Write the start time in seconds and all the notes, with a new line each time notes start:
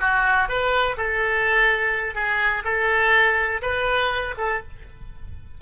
0.00 F#4
0.48 B4
0.97 A4
2.15 G#4
2.64 A4
3.62 B4
4.37 A4